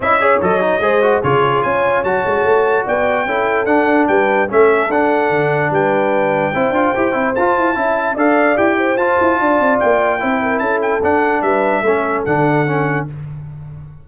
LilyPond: <<
  \new Staff \with { instrumentName = "trumpet" } { \time 4/4 \tempo 4 = 147 e''4 dis''2 cis''4 | gis''4 a''2 g''4~ | g''4 fis''4 g''4 e''4 | fis''2 g''2~ |
g''2 a''2 | f''4 g''4 a''2 | g''2 a''8 g''8 fis''4 | e''2 fis''2 | }
  \new Staff \with { instrumentName = "horn" } { \time 4/4 dis''8 cis''4. c''4 gis'4 | cis''2. d''4 | a'2 b'4 a'4~ | a'2 b'2 |
c''2. e''4 | d''4. c''4. d''4~ | d''4 c''8 ais'8 a'2 | b'4 a'2. | }
  \new Staff \with { instrumentName = "trombone" } { \time 4/4 e'8 gis'8 a'8 dis'8 gis'8 fis'8 f'4~ | f'4 fis'2. | e'4 d'2 cis'4 | d'1 |
e'8 f'8 g'8 e'8 f'4 e'4 | a'4 g'4 f'2~ | f'4 e'2 d'4~ | d'4 cis'4 d'4 cis'4 | }
  \new Staff \with { instrumentName = "tuba" } { \time 4/4 cis'4 fis4 gis4 cis4 | cis'4 fis8 gis8 a4 b4 | cis'4 d'4 g4 a4 | d'4 d4 g2 |
c'8 d'8 e'8 c'8 f'8 e'8 cis'4 | d'4 e'4 f'8 e'8 d'8 c'8 | ais4 c'4 cis'4 d'4 | g4 a4 d2 | }
>>